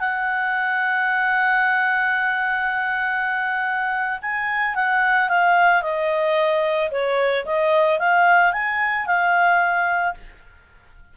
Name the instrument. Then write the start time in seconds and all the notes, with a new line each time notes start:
clarinet
0.00 F#5
4.22 G#5
4.75 F#5
5.29 F5
5.82 D#5
6.91 C#5
7.46 D#5
7.99 F5
8.53 G#5
9.06 F5